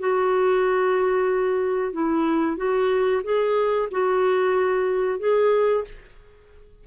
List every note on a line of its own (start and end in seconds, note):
0.00 1.93 F#4
1.93 2.57 E4
2.57 3.23 F#4
3.24 3.89 G#4
3.92 5.19 F#4
5.19 5.85 G#4